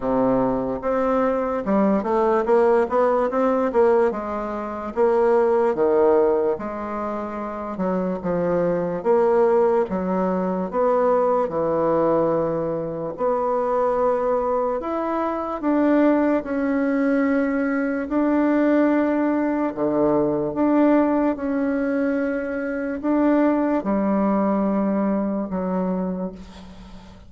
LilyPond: \new Staff \with { instrumentName = "bassoon" } { \time 4/4 \tempo 4 = 73 c4 c'4 g8 a8 ais8 b8 | c'8 ais8 gis4 ais4 dis4 | gis4. fis8 f4 ais4 | fis4 b4 e2 |
b2 e'4 d'4 | cis'2 d'2 | d4 d'4 cis'2 | d'4 g2 fis4 | }